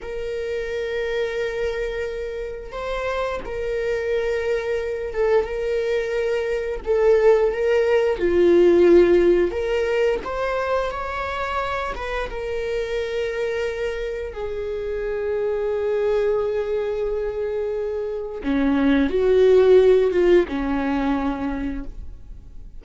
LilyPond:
\new Staff \with { instrumentName = "viola" } { \time 4/4 \tempo 4 = 88 ais'1 | c''4 ais'2~ ais'8 a'8 | ais'2 a'4 ais'4 | f'2 ais'4 c''4 |
cis''4. b'8 ais'2~ | ais'4 gis'2.~ | gis'2. cis'4 | fis'4. f'8 cis'2 | }